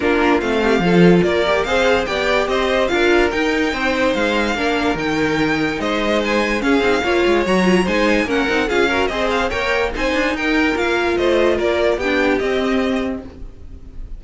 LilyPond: <<
  \new Staff \with { instrumentName = "violin" } { \time 4/4 \tempo 4 = 145 ais'4 f''2 d''4 | f''4 g''4 dis''4 f''4 | g''2 f''2 | g''2 dis''4 gis''4 |
f''2 ais''4 gis''4 | fis''4 f''4 dis''8 f''8 g''4 | gis''4 g''4 f''4 dis''4 | d''4 g''4 dis''2 | }
  \new Staff \with { instrumentName = "violin" } { \time 4/4 f'4. g'8 a'4 ais'4 | c''4 d''4 c''4 ais'4~ | ais'4 c''2 ais'4~ | ais'2 c''2 |
gis'4 cis''2 c''4 | ais'4 gis'8 ais'8 c''4 cis''4 | c''4 ais'2 c''4 | ais'4 g'2. | }
  \new Staff \with { instrumentName = "viola" } { \time 4/4 d'4 c'4 f'4. g'8 | gis'4 g'2 f'4 | dis'2. d'4 | dis'1 |
cis'8 dis'8 f'4 fis'8 f'8 dis'4 | cis'8 dis'8 f'8 fis'8 gis'4 ais'4 | dis'2 f'2~ | f'4 d'4 c'2 | }
  \new Staff \with { instrumentName = "cello" } { \time 4/4 ais4 a4 f4 ais4 | c'4 b4 c'4 d'4 | dis'4 c'4 gis4 ais4 | dis2 gis2 |
cis'8 c'8 ais8 gis8 fis4 gis4 | ais8 c'8 cis'4 c'4 ais4 | c'8 d'8 dis'4 ais4 a4 | ais4 b4 c'2 | }
>>